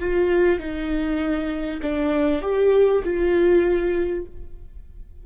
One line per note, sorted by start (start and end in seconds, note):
0.00 0.60 F4
0.60 1.81 D#4
1.83 2.42 D4
2.42 3.03 G4
3.04 4.26 F4